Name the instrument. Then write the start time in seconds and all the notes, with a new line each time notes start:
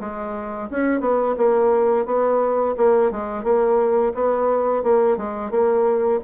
bassoon
0.00 G#3
0.70 C#4
1.00 B3
1.37 A#3
2.06 B3
2.77 A#3
3.11 G#3
3.44 A#3
4.14 B3
4.83 A#3
5.17 G#3
5.51 A#3